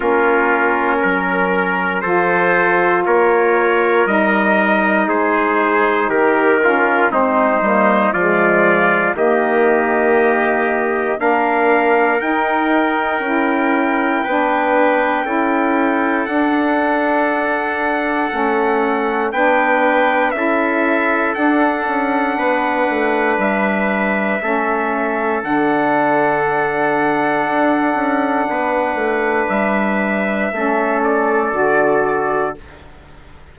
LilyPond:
<<
  \new Staff \with { instrumentName = "trumpet" } { \time 4/4 \tempo 4 = 59 ais'2 c''4 cis''4 | dis''4 c''4 ais'4 c''4 | d''4 dis''2 f''4 | g''1 |
fis''2. g''4 | e''4 fis''2 e''4~ | e''4 fis''2.~ | fis''4 e''4. d''4. | }
  \new Staff \with { instrumentName = "trumpet" } { \time 4/4 f'4 ais'4 a'4 ais'4~ | ais'4 gis'4 g'8 f'8 dis'4 | f'4 g'2 ais'4~ | ais'2 b'4 a'4~ |
a'2. b'4 | a'2 b'2 | a'1 | b'2 a'2 | }
  \new Staff \with { instrumentName = "saxophone" } { \time 4/4 cis'2 f'2 | dis'2~ dis'8 cis'8 c'8 ais8 | gis4 ais2 d'4 | dis'4 e'4 d'4 e'4 |
d'2 cis'4 d'4 | e'4 d'2. | cis'4 d'2.~ | d'2 cis'4 fis'4 | }
  \new Staff \with { instrumentName = "bassoon" } { \time 4/4 ais4 fis4 f4 ais4 | g4 gis4 dis4 gis8 g8 | f4 dis2 ais4 | dis'4 cis'4 b4 cis'4 |
d'2 a4 b4 | cis'4 d'8 cis'8 b8 a8 g4 | a4 d2 d'8 cis'8 | b8 a8 g4 a4 d4 | }
>>